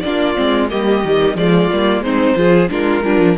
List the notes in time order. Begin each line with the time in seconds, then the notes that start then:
0.00 A#3 D4 F4 D5
0.35 G#3 C4
0.70 G3 A#3 G4 D#5
1.04 D#3 G3
1.34 F3 G#3 F4 D5
1.72 G3 A#3
1.99 G#3 C4 D#4 C5
2.36 F3 F4 G#4
2.69 G#3 D4 F4 A#4
3.03 G3 D4 F4
3.19 F3